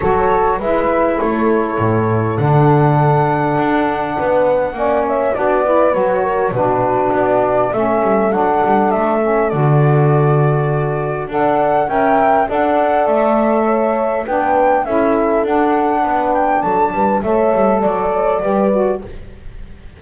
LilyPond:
<<
  \new Staff \with { instrumentName = "flute" } { \time 4/4 \tempo 4 = 101 cis''4 e''4 cis''2 | fis''1~ | fis''8 e''8 d''4 cis''4 b'4 | d''4 e''4 fis''4 e''4 |
d''2. fis''4 | g''4 fis''4 e''2 | g''4 e''4 fis''4. g''8 | a''4 e''4 d''2 | }
  \new Staff \with { instrumentName = "horn" } { \time 4/4 a'4 b'4 a'2~ | a'2. b'4 | d''8 cis''8 fis'8 b'4 ais'8 fis'4~ | fis'4 a'2.~ |
a'2. d''4 | e''4 d''2 cis''4 | b'4 a'2 b'4 | a'8 b'8 cis''4 d''8 cis''8 b'4 | }
  \new Staff \with { instrumentName = "saxophone" } { \time 4/4 fis'4 e'2. | d'1 | cis'4 d'8 e'8 fis'4 d'4~ | d'4 cis'4 d'4. cis'8 |
fis'2. a'4 | ais'4 a'2. | d'4 e'4 d'2~ | d'4 a'2 g'8 fis'8 | }
  \new Staff \with { instrumentName = "double bass" } { \time 4/4 fis4 gis4 a4 a,4 | d2 d'4 b4 | ais4 b4 fis4 b,4 | b4 a8 g8 fis8 g8 a4 |
d2. d'4 | cis'4 d'4 a2 | b4 cis'4 d'4 b4 | fis8 g8 a8 g8 fis4 g4 | }
>>